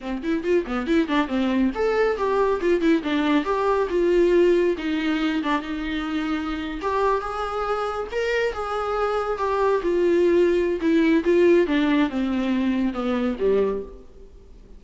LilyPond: \new Staff \with { instrumentName = "viola" } { \time 4/4 \tempo 4 = 139 c'8 e'8 f'8 b8 e'8 d'8 c'4 | a'4 g'4 f'8 e'8 d'4 | g'4 f'2 dis'4~ | dis'8 d'8 dis'2~ dis'8. g'16~ |
g'8. gis'2 ais'4 gis'16~ | gis'4.~ gis'16 g'4 f'4~ f'16~ | f'4 e'4 f'4 d'4 | c'2 b4 g4 | }